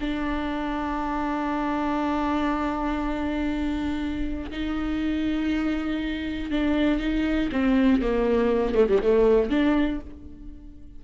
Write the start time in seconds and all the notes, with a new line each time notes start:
0.00 D4
4.50 D#4
6.50 D4
6.99 D#4
7.52 C4
8.01 A#3
8.74 A3
8.89 G3
9.02 A3
9.50 D4